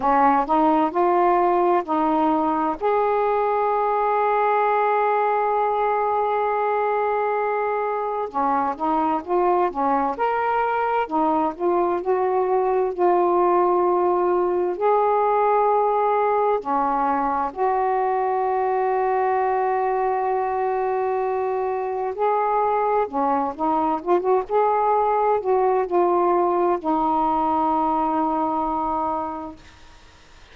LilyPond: \new Staff \with { instrumentName = "saxophone" } { \time 4/4 \tempo 4 = 65 cis'8 dis'8 f'4 dis'4 gis'4~ | gis'1~ | gis'4 cis'8 dis'8 f'8 cis'8 ais'4 | dis'8 f'8 fis'4 f'2 |
gis'2 cis'4 fis'4~ | fis'1 | gis'4 cis'8 dis'8 f'16 fis'16 gis'4 fis'8 | f'4 dis'2. | }